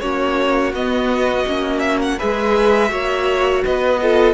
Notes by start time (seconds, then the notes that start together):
0.00 A#3 C#4 F#4 C#5
0.73 B3 D#5
1.47 A#3 C#4
1.79 E5
2.01 F#5
2.18 G#3 G#4 B4 E5
2.89 A#3 F#4 C#5
3.64 B3 B4 D#5
4.01 F4 A4